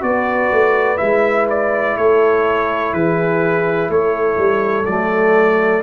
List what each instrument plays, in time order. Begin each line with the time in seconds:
0.00 tuba B3, trombone F#4, horn B4, trumpet D5
0.51 tuba A3
0.97 tuba G#3, trombone E4, trumpet E5
1.49 trumpet D5
1.97 tuba A3, horn A4, trumpet C#5
2.93 tuba E3, horn G#4, trumpet B4
3.89 tuba A3, horn A4, trumpet C#5
4.37 tuba G3
4.85 tuba F#3, trombone A3, trumpet D5